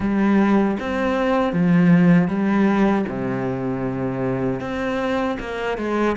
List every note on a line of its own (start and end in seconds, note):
0.00 0.77 G3
0.79 1.52 C4
1.52 2.28 F3
2.28 3.05 G3
3.08 4.60 C3
4.60 5.37 C4
5.39 5.77 A#3
5.77 6.15 G#3